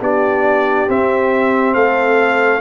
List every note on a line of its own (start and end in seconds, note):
0.00 0.87 B3
0.00 0.87 D4
0.00 1.74 G4
0.00 0.89 D5
0.87 2.60 C4
0.87 1.75 C4
0.87 1.74 E5
1.74 2.60 A3
1.74 2.60 A4
1.74 2.60 F5